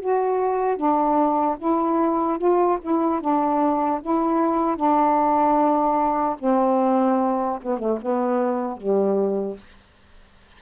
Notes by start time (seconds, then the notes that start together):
0.00 F#4
0.77 D4
1.58 E4
2.38 F4
2.81 E4
3.21 D4
4.02 E4
4.76 D4
6.39 C4
7.62 B3
7.79 A3
8.01 B3
8.77 G3